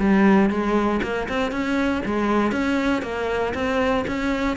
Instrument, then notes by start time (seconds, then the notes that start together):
cello
0.00 G3
0.50 G#3
1.03 A#3
1.29 C4
1.52 C#4
2.06 G#3
2.52 C#4
3.03 A#3
3.55 C4
4.08 C#4